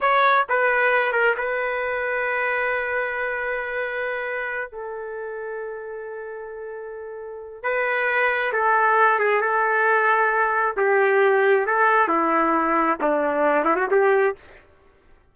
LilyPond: \new Staff \with { instrumentName = "trumpet" } { \time 4/4 \tempo 4 = 134 cis''4 b'4. ais'8 b'4~ | b'1~ | b'2~ b'8 a'4.~ | a'1~ |
a'4 b'2 a'4~ | a'8 gis'8 a'2. | g'2 a'4 e'4~ | e'4 d'4. e'16 fis'16 g'4 | }